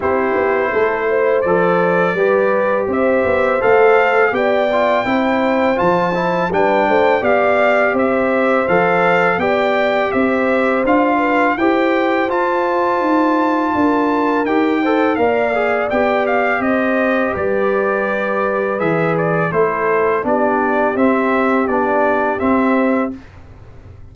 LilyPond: <<
  \new Staff \with { instrumentName = "trumpet" } { \time 4/4 \tempo 4 = 83 c''2 d''2 | e''4 f''4 g''2 | a''4 g''4 f''4 e''4 | f''4 g''4 e''4 f''4 |
g''4 a''2. | g''4 f''4 g''8 f''8 dis''4 | d''2 e''8 d''8 c''4 | d''4 e''4 d''4 e''4 | }
  \new Staff \with { instrumentName = "horn" } { \time 4/4 g'4 a'8 c''4. b'4 | c''2 d''4 c''4~ | c''4 b'8 c''8 d''4 c''4~ | c''4 d''4 c''4. b'8 |
c''2. ais'4~ | ais'8 c''8 d''2 c''4 | b'2. a'4 | g'1 | }
  \new Staff \with { instrumentName = "trombone" } { \time 4/4 e'2 a'4 g'4~ | g'4 a'4 g'8 f'8 e'4 | f'8 e'8 d'4 g'2 | a'4 g'2 f'4 |
g'4 f'2. | g'8 a'8 ais'8 gis'8 g'2~ | g'2 gis'4 e'4 | d'4 c'4 d'4 c'4 | }
  \new Staff \with { instrumentName = "tuba" } { \time 4/4 c'8 b8 a4 f4 g4 | c'8 b8 a4 b4 c'4 | f4 g8 a8 b4 c'4 | f4 b4 c'4 d'4 |
e'4 f'4 dis'4 d'4 | dis'4 ais4 b4 c'4 | g2 e4 a4 | b4 c'4 b4 c'4 | }
>>